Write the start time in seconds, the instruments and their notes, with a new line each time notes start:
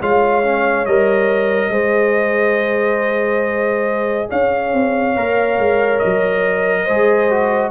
0.00 tuba G#3, trombone F4, horn C#5, trumpet F5
0.44 trombone C#4
0.86 tuba G3, trombone A#4, trumpet D#5
1.69 tuba G#3, trombone G#4, horn C5
4.29 tuba C#4, horn C#5, trumpet F5
4.73 tuba C4
5.16 tuba A#3, trombone A#4
5.58 tuba G#3
5.99 tuba F#3, trumpet D#5
6.84 tuba G#3, trombone G#4, horn C5
7.30 trombone F#4